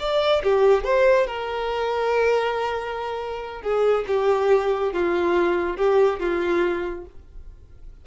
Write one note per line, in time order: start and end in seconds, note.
0.00 0.43 D5
0.44 0.84 G4
0.84 1.27 C5
1.27 3.62 A#4
3.62 4.05 G#4
4.08 4.93 G4
4.93 5.77 F4
5.77 6.20 G4
6.20 7.06 F4